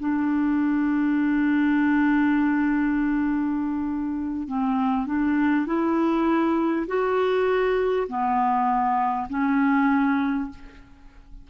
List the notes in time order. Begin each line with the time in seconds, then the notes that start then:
0.00 D4
4.48 C4
5.07 D4
5.67 E4
6.88 F#4
8.09 B3
9.30 C#4